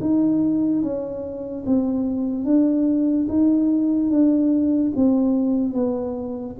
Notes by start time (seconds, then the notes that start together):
0.00 D#4
0.82 C#4
1.66 C4
2.44 D4
3.28 D#4
4.10 D4
4.95 C4
5.73 B3